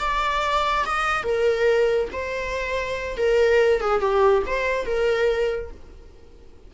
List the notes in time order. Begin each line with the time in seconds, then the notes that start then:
0.00 D5
0.86 D#5
1.24 A#4
2.13 C5
3.17 A#4
3.81 G#4
4.01 G4
4.47 C5
4.86 A#4